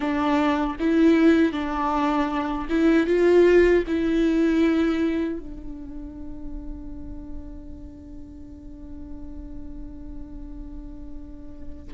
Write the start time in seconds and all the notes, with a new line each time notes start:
0.00 D4
0.79 E4
1.52 D4
2.69 E4
3.07 F4
3.87 E4
5.39 D4